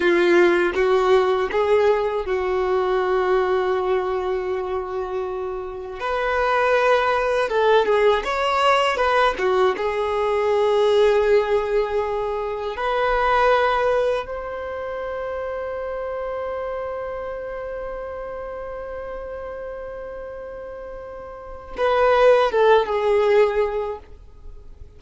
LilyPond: \new Staff \with { instrumentName = "violin" } { \time 4/4 \tempo 4 = 80 f'4 fis'4 gis'4 fis'4~ | fis'1 | b'2 a'8 gis'8 cis''4 | b'8 fis'8 gis'2.~ |
gis'4 b'2 c''4~ | c''1~ | c''1~ | c''4 b'4 a'8 gis'4. | }